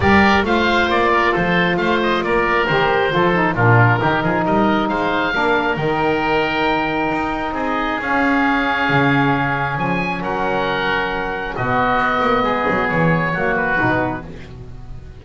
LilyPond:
<<
  \new Staff \with { instrumentName = "oboe" } { \time 4/4 \tempo 4 = 135 d''4 f''4 d''4 c''4 | f''8 dis''8 d''4 c''2 | ais'2 dis''4 f''4~ | f''4 g''2.~ |
g''4 dis''4 f''2~ | f''2 gis''4 fis''4~ | fis''2 dis''2~ | dis''4 cis''4. b'4. | }
  \new Staff \with { instrumentName = "oboe" } { \time 4/4 ais'4 c''4. ais'8 a'4 | c''4 ais'2 a'4 | f'4 g'8 gis'8 ais'4 c''4 | ais'1~ |
ais'4 gis'2.~ | gis'2. ais'4~ | ais'2 fis'2 | gis'2 fis'2 | }
  \new Staff \with { instrumentName = "saxophone" } { \time 4/4 g'4 f'2.~ | f'2 g'4 f'8 dis'8 | d'4 dis'2. | d'4 dis'2.~ |
dis'2 cis'2~ | cis'1~ | cis'2 b2~ | b2 ais4 dis'4 | }
  \new Staff \with { instrumentName = "double bass" } { \time 4/4 g4 a4 ais4 f4 | a4 ais4 dis4 f4 | ais,4 dis8 f8 g4 gis4 | ais4 dis2. |
dis'4 c'4 cis'2 | cis2 f4 fis4~ | fis2 b,4 b8 ais8 | gis8 fis8 e4 fis4 b,4 | }
>>